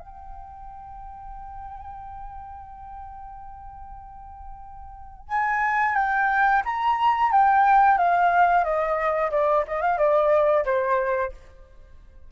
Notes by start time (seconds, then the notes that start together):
0.00 G5
5.29 G#5
5.96 G5
6.65 A#5
7.32 G5
7.98 F5
8.64 D#5
9.31 D5
9.68 D#5
9.82 F5
9.98 D5
10.65 C5